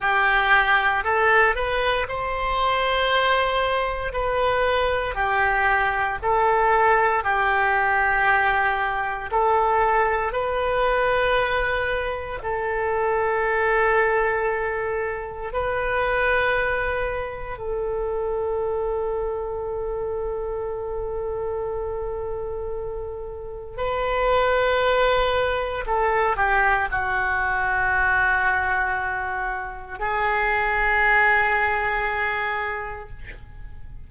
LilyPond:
\new Staff \with { instrumentName = "oboe" } { \time 4/4 \tempo 4 = 58 g'4 a'8 b'8 c''2 | b'4 g'4 a'4 g'4~ | g'4 a'4 b'2 | a'2. b'4~ |
b'4 a'2.~ | a'2. b'4~ | b'4 a'8 g'8 fis'2~ | fis'4 gis'2. | }